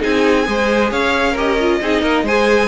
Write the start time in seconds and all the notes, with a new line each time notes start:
0.00 C4 D#4 G#4 G#5
0.46 G#3 G#4 C5
0.90 C#4 C#5 F5
1.32 G4 A#4
1.38 D#5
1.60 F4
1.81 C4 D#4 G#4
2.02 A#3 A#4
2.23 G#3 G#4 C5 G#5